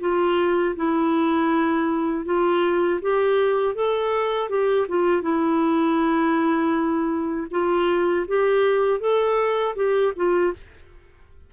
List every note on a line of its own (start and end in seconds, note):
0.00 0.75 F4
0.76 2.25 E4
2.25 3.00 F4
3.02 3.75 G4
3.75 4.49 A4
4.49 4.86 G4
4.88 5.22 F4
5.22 7.47 E4
7.51 8.26 F4
8.27 9.00 G4
9.00 9.75 A4
9.75 10.13 G4
10.16 10.53 F4